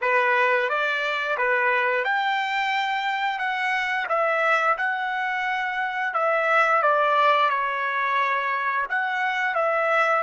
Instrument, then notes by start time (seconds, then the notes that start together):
trumpet
0.01 B4
0.69 D5
1.37 B4
2.04 G5
3.38 F#5
4.08 E5
4.77 F#5
6.14 E5
6.82 D5
7.49 C#5
8.89 F#5
9.54 E5